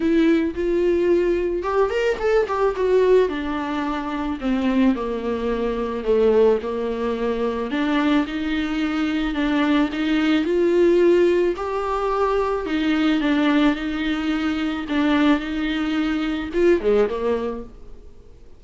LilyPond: \new Staff \with { instrumentName = "viola" } { \time 4/4 \tempo 4 = 109 e'4 f'2 g'8 ais'8 | a'8 g'8 fis'4 d'2 | c'4 ais2 a4 | ais2 d'4 dis'4~ |
dis'4 d'4 dis'4 f'4~ | f'4 g'2 dis'4 | d'4 dis'2 d'4 | dis'2 f'8 gis8 ais4 | }